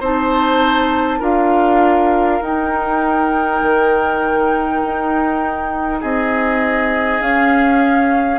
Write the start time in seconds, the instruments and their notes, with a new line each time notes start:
0.00 bassoon C4, clarinet D#4, oboe C5, flute A5
1.20 bassoon D4, clarinet F4, oboe A#4, flute F5
2.41 bassoon D#4, clarinet D#4, flute G5
3.62 bassoon D#3
4.84 bassoon D#4
6.00 bassoon C4, oboe G#4, flute D#5
7.21 clarinet C#4, bassoon C#4, flute F5